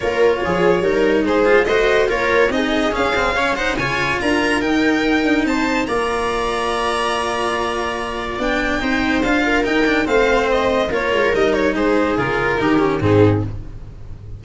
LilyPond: <<
  \new Staff \with { instrumentName = "violin" } { \time 4/4 \tempo 4 = 143 cis''2. c''4 | dis''4 cis''4 dis''4 f''4~ | f''8 fis''8 gis''4 ais''4 g''4~ | g''4 a''4 ais''2~ |
ais''1 | g''2 f''4 g''4 | f''4 dis''4 cis''4 dis''8 cis''8 | c''4 ais'2 gis'4 | }
  \new Staff \with { instrumentName = "viola" } { \time 4/4 ais'4 gis'4 ais'4 gis'4 | c''4 ais'4 gis'2 | cis''8 c''8 cis''4 ais'2~ | ais'4 c''4 d''2~ |
d''1~ | d''4 c''4. ais'4. | c''2 ais'2 | gis'2 g'4 dis'4 | }
  \new Staff \with { instrumentName = "cello" } { \time 4/4 f'2 dis'4. f'8 | fis'4 f'4 dis'4 cis'8 c'8 | cis'8 dis'8 f'2 dis'4~ | dis'2 f'2~ |
f'1 | d'4 dis'4 f'4 dis'8 d'8 | c'2 f'4 dis'4~ | dis'4 f'4 dis'8 cis'8 c'4 | }
  \new Staff \with { instrumentName = "tuba" } { \time 4/4 ais4 f4 g4 gis4 | a4 ais4 c'4 cis'4~ | cis'4 cis4 d'4 dis'4~ | dis'8 d'8 c'4 ais2~ |
ais1 | b4 c'4 d'4 dis'4 | a2 ais8 gis8 g4 | gis4 cis4 dis4 gis,4 | }
>>